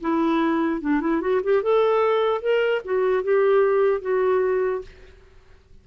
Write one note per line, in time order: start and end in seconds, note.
0.00 0.81 E4
0.81 1.00 D4
1.00 1.20 E4
1.20 1.41 F#4
1.43 1.62 G4
1.62 2.41 A4
2.41 2.81 A#4
2.84 3.23 F#4
3.23 4.01 G4
4.01 4.82 F#4